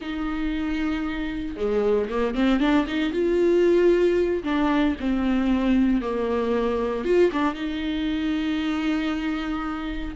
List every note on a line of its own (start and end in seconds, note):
0.01 1.56 D#4
1.56 2.08 G#3
2.09 2.35 A#3
2.35 2.59 C4
2.59 2.86 D4
2.87 3.12 D#4
3.12 4.43 F4
4.43 4.95 D4
4.99 6.01 C4
6.01 7.04 A#3
7.04 7.30 F4
7.32 7.54 D4
7.54 10.15 D#4